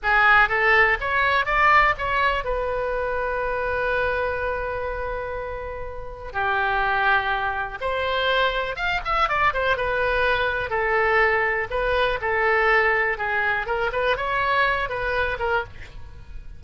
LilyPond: \new Staff \with { instrumentName = "oboe" } { \time 4/4 \tempo 4 = 123 gis'4 a'4 cis''4 d''4 | cis''4 b'2.~ | b'1~ | b'4 g'2. |
c''2 f''8 e''8 d''8 c''8 | b'2 a'2 | b'4 a'2 gis'4 | ais'8 b'8 cis''4. b'4 ais'8 | }